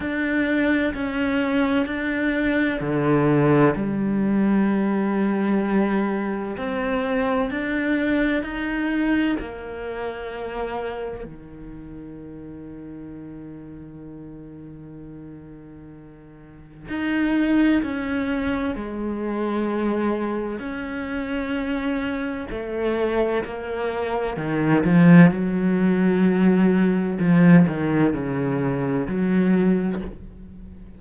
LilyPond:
\new Staff \with { instrumentName = "cello" } { \time 4/4 \tempo 4 = 64 d'4 cis'4 d'4 d4 | g2. c'4 | d'4 dis'4 ais2 | dis1~ |
dis2 dis'4 cis'4 | gis2 cis'2 | a4 ais4 dis8 f8 fis4~ | fis4 f8 dis8 cis4 fis4 | }